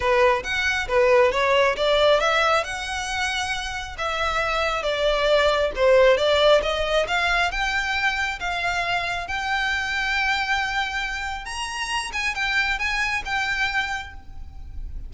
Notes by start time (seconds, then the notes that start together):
0.00 B4
0.43 F#5
0.88 B4
1.31 C#5
1.76 D5
2.20 E5
2.64 F#5
3.97 E5
4.82 D5
5.75 C5
6.17 D5
6.62 D#5
7.07 F5
7.51 G5
8.39 F5
9.27 G5
11.45 A#5
12.12 G#5
12.34 G5
12.78 G#5
13.25 G5